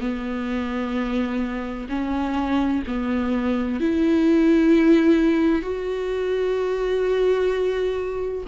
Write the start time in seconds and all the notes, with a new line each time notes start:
0.00 B3
1.89 C#4
2.87 B3
3.80 E4
5.62 F#4